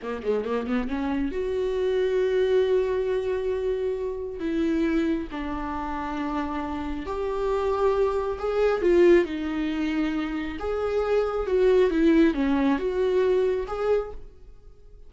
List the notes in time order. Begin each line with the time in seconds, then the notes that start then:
0.02 A#3
0.23 G#3
0.45 A#3
0.67 B3
0.87 C#4
1.31 F#4
4.39 E4
5.31 D4
7.06 G4
8.38 G#4
8.81 F4
9.25 D#4
10.59 G#4
11.46 F#4
11.90 E4
12.34 C#4
12.78 F#4
13.67 G#4